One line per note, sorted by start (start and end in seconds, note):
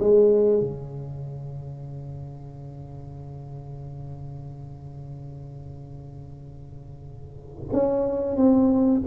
0.00 0.60 G#3
0.60 7.70 C#3
7.73 8.36 C#4
8.36 9.01 C4